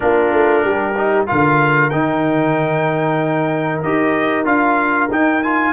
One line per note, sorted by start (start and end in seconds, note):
0.00 0.32 A#3
0.00 0.93 D4
0.00 0.64 F4
0.00 1.26 A#4
0.32 0.64 A3
0.64 1.28 G3
0.64 1.27 G4
0.97 1.27 D#4
1.26 1.91 D3
1.26 1.91 F4
1.26 5.73 A#4
1.26 1.90 F5
1.90 3.83 D#3
1.90 3.83 D#4
1.90 3.81 G5
3.82 4.45 D#4
3.82 4.44 G4
3.82 4.46 D#5
4.44 5.09 D4
4.44 5.08 F4
4.44 5.10 F5
5.10 5.73 D#4
5.10 5.43 D#4
5.10 5.43 G5
5.43 5.73 F4
5.43 5.73 G#5